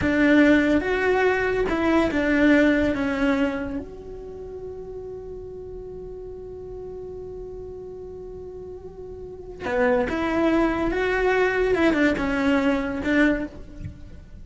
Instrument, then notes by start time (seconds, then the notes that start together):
cello
0.01 D4
0.80 F#4
1.69 E4
2.11 D4
2.94 C#4
3.78 F#4
9.65 B3
10.09 E4
10.91 F#4
11.74 E4
11.93 D4
12.17 C#4
13.04 D4